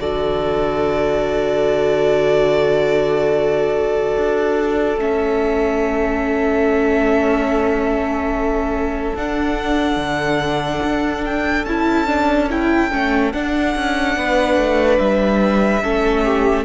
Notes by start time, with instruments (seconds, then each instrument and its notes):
0.00 cello D3, viola F#4, violin A4 D5
4.17 cello D4
4.97 cello A3, viola C#4, violin E5
9.15 cello D4, viola D4, violin F#5
9.97 cello D3
10.83 cello D4
11.25 violin G5
11.65 cello C#4, viola E4, violin A5
12.07 viola D4
12.49 viola E4, violin G5
12.91 cello A3, viola C#4
13.33 viola D4, cello D4, violin F#5
13.75 cello C#4
14.17 cello B3, violin B4
14.57 cello A3
14.98 cello G3, violin E5
15.83 cello A3, viola C#4, violin A4
16.24 violin G4